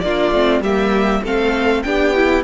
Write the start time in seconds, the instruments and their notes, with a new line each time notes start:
0.00 cello A#3, viola D4, violin F4 D5
0.31 cello A3, viola C4
0.60 cello G3, viola A#3, violin G4 E5
1.23 cello A3, viola C4, violin A4 F5
1.82 cello B3, viola D4, violin G4 G5
2.15 viola E4